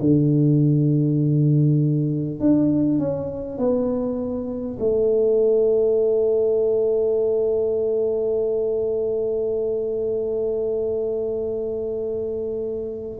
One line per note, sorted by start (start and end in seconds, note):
0.00 2.40 D3
2.40 2.99 D4
2.99 3.58 C#4
3.58 4.78 B3
4.79 13.19 A3